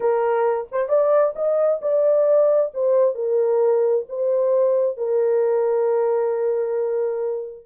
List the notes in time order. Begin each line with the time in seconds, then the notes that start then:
0.00 A#4
0.71 C5
0.88 D5
1.35 D#5
1.81 D5
2.74 C5
3.14 A#4
4.08 C5
4.97 A#4